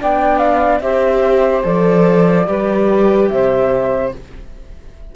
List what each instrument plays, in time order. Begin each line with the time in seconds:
0.00 cello B3, viola D4, saxophone D5, flute G5
0.39 flute F5
0.81 cello C4, viola G4, saxophone C5, flute E5
1.64 cello F3, viola A4, flute D5
2.47 cello G3, viola G4, saxophone B4
3.29 cello C3, saxophone C5, flute E5